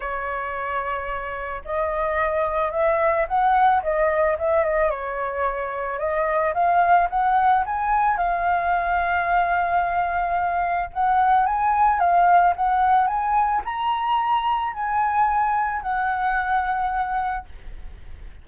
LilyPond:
\new Staff \with { instrumentName = "flute" } { \time 4/4 \tempo 4 = 110 cis''2. dis''4~ | dis''4 e''4 fis''4 dis''4 | e''8 dis''8 cis''2 dis''4 | f''4 fis''4 gis''4 f''4~ |
f''1 | fis''4 gis''4 f''4 fis''4 | gis''4 ais''2 gis''4~ | gis''4 fis''2. | }